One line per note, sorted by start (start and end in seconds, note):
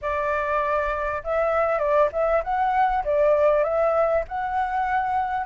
0.01 1.23 D5
1.23 1.78 E5
1.78 2.09 D5
2.12 2.42 E5
2.43 3.04 F#5
3.04 3.63 D5
3.63 4.24 E5
4.28 5.45 F#5